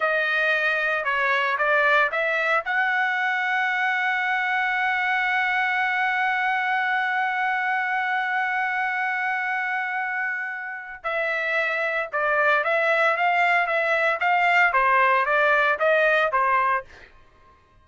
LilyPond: \new Staff \with { instrumentName = "trumpet" } { \time 4/4 \tempo 4 = 114 dis''2 cis''4 d''4 | e''4 fis''2.~ | fis''1~ | fis''1~ |
fis''1~ | fis''4 e''2 d''4 | e''4 f''4 e''4 f''4 | c''4 d''4 dis''4 c''4 | }